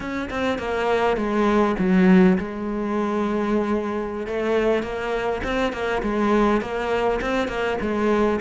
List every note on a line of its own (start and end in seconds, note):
0.00 0.29 C#4
0.30 0.58 C4
0.58 1.16 A#3
1.16 1.75 G#3
1.78 2.37 F#3
2.37 4.26 G#3
4.26 4.82 A3
4.82 5.41 A#3
5.43 5.72 C4
5.72 6.02 A#3
6.02 6.61 G#3
6.61 7.20 A#3
7.21 7.47 C4
7.47 7.77 A#3
7.81 8.40 G#3